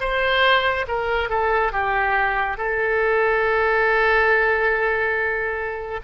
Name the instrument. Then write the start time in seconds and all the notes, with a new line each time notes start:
oboe
0.00 C5
0.88 A#4
1.29 A4
1.72 G4
2.57 A4